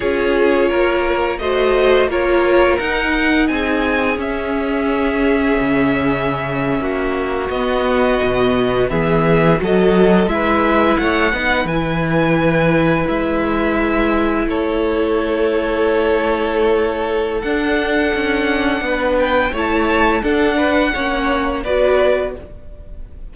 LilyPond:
<<
  \new Staff \with { instrumentName = "violin" } { \time 4/4 \tempo 4 = 86 cis''2 dis''4 cis''4 | fis''4 gis''4 e''2~ | e''2~ e''8. dis''4~ dis''16~ | dis''8. e''4 dis''4 e''4 fis''16~ |
fis''8. gis''2 e''4~ e''16~ | e''8. cis''2.~ cis''16~ | cis''4 fis''2~ fis''8 g''8 | a''4 fis''2 d''4 | }
  \new Staff \with { instrumentName = "violin" } { \time 4/4 gis'4 ais'4 c''4 ais'4~ | ais'4 gis'2.~ | gis'4.~ gis'16 fis'2~ fis'16~ | fis'8. gis'4 a'4 b'4 cis''16~ |
cis''16 b'2.~ b'8.~ | b'8. a'2.~ a'16~ | a'2. b'4 | cis''4 a'8 b'8 cis''4 b'4 | }
  \new Staff \with { instrumentName = "viola" } { \time 4/4 f'2 fis'4 f'4 | dis'2 cis'2~ | cis'2~ cis'8. b4~ b16~ | b4.~ b16 fis'4 e'4~ e'16~ |
e'16 dis'8 e'2.~ e'16~ | e'1~ | e'4 d'2. | e'4 d'4 cis'4 fis'4 | }
  \new Staff \with { instrumentName = "cello" } { \time 4/4 cis'4 ais4 a4 ais4 | dis'4 c'4 cis'2 | cis4.~ cis16 ais4 b4 b,16~ | b,8. e4 fis4 gis4 a16~ |
a16 b8 e2 gis4~ gis16~ | gis8. a2.~ a16~ | a4 d'4 cis'4 b4 | a4 d'4 ais4 b4 | }
>>